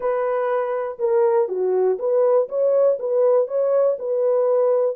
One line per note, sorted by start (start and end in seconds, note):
0.00 0.98 B4
0.98 1.48 A#4
1.48 1.98 F#4
1.99 2.48 B4
2.48 2.98 C#5
2.99 3.47 B4
3.47 3.97 C#5
3.98 4.95 B4